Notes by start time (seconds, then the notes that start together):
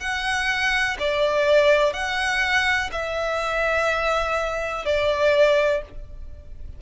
0.00 F#5
0.99 D5
1.93 F#5
2.92 E5
4.85 D5